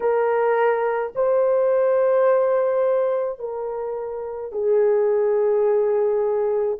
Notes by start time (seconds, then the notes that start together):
0.00 A#4
1.15 C5
3.39 A#4
4.52 G#4